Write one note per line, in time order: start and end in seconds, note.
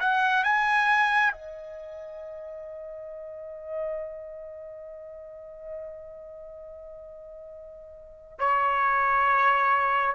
0.00 0.44 F#5
0.44 1.32 G#5
1.33 8.39 D#5
8.39 10.16 C#5